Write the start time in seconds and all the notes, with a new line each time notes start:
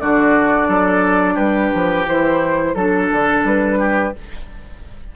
0.00 D3 D4 F#4 D5
0.68 F#3 A4
1.35 G3 G4 B4
1.75 F3
2.06 E3 E4 C5
2.75 F#3 D4 A4
3.12 D3
3.44 G3 B4
3.79 G4